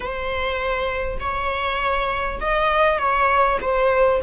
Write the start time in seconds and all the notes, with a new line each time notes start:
0.00 C5
1.20 C#5
2.40 D#5
2.98 C#5
3.61 C5